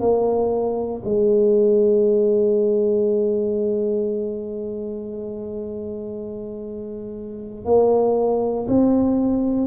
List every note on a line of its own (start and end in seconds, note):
0.00 1.02 A#3
1.04 7.65 G#3
7.65 8.66 A#3
8.68 9.67 C4